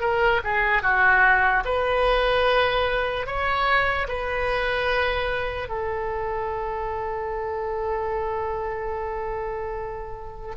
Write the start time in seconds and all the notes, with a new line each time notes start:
0.00 A#4
0.43 G#4
0.82 F#4
1.65 B4
3.26 C#5
4.08 B4
5.68 A4